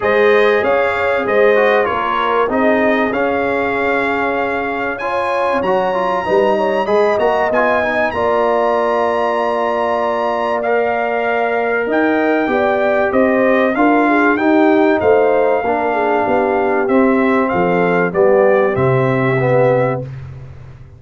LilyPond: <<
  \new Staff \with { instrumentName = "trumpet" } { \time 4/4 \tempo 4 = 96 dis''4 f''4 dis''4 cis''4 | dis''4 f''2. | gis''4 ais''2 b''8 ais''8 | gis''4 ais''2.~ |
ais''4 f''2 g''4~ | g''4 dis''4 f''4 g''4 | f''2. e''4 | f''4 d''4 e''2 | }
  \new Staff \with { instrumentName = "horn" } { \time 4/4 c''4 cis''4 c''4 ais'4 | gis'1 | cis''2 b'8 cis''8 dis''4~ | dis''4 d''2.~ |
d''2. dis''4 | d''4 c''4 ais'8 gis'8 g'4 | c''4 ais'8 gis'8 g'2 | a'4 g'2. | }
  \new Staff \with { instrumentName = "trombone" } { \time 4/4 gis'2~ gis'8 fis'8 f'4 | dis'4 cis'2. | f'4 fis'8 f'8 dis'4 gis'8 fis'8 | f'8 dis'8 f'2.~ |
f'4 ais'2. | g'2 f'4 dis'4~ | dis'4 d'2 c'4~ | c'4 b4 c'4 b4 | }
  \new Staff \with { instrumentName = "tuba" } { \time 4/4 gis4 cis'4 gis4 ais4 | c'4 cis'2.~ | cis'4 fis4 g4 gis8 ais8 | b4 ais2.~ |
ais2. dis'4 | b4 c'4 d'4 dis'4 | a4 ais4 b4 c'4 | f4 g4 c2 | }
>>